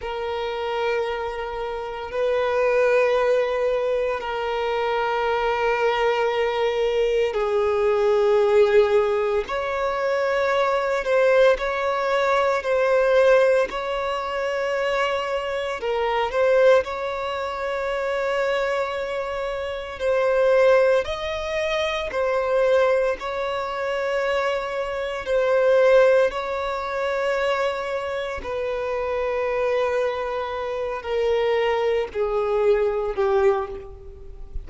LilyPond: \new Staff \with { instrumentName = "violin" } { \time 4/4 \tempo 4 = 57 ais'2 b'2 | ais'2. gis'4~ | gis'4 cis''4. c''8 cis''4 | c''4 cis''2 ais'8 c''8 |
cis''2. c''4 | dis''4 c''4 cis''2 | c''4 cis''2 b'4~ | b'4. ais'4 gis'4 g'8 | }